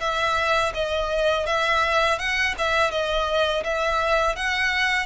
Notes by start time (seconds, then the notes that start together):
0.00 E5
0.74 D#5
1.46 E5
2.19 F#5
2.58 E5
2.91 D#5
3.64 E5
4.36 F#5